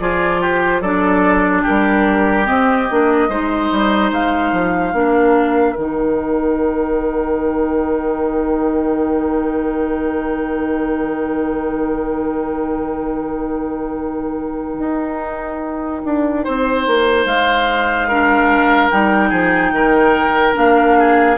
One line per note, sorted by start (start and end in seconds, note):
0.00 0.81 F3
0.00 0.83 F4
0.00 0.41 G#4
0.00 0.42 D5
0.41 0.81 G4
0.41 0.81 C5
0.81 1.63 F#3
0.81 2.45 D4
0.81 1.62 A4
0.81 1.63 D5
1.62 3.27 G4
1.62 2.46 A#4
1.69 2.48 G3
2.45 2.86 C4
2.45 2.89 C4
2.45 4.10 D#5
2.90 3.29 A#3
2.90 3.30 D4
3.29 3.70 G#3
3.29 4.93 D#4
3.29 4.94 C5
3.71 4.11 G3
4.11 4.52 G#3
4.11 5.76 F5
4.52 4.93 F3
4.93 5.75 A#3
4.93 5.75 D4
4.93 16.44 A#4
5.76 14.79 D#3
5.76 18.11 D#4
5.76 17.25 G5
14.79 16.02 D#4
16.05 16.46 D4
16.44 16.87 C4
16.44 18.08 C5
16.87 17.25 A#3
17.25 18.90 G#3
17.25 18.90 F5
18.08 18.91 D4
18.08 19.29 A#4
18.90 19.31 G3
18.90 20.54 D#4
18.90 20.55 G5
19.29 19.71 F3
19.29 19.70 G#4
19.71 20.53 D#3
19.71 20.98 A#4
20.54 21.38 A#3
20.54 21.36 D4
20.54 21.38 F5
20.98 21.38 G#4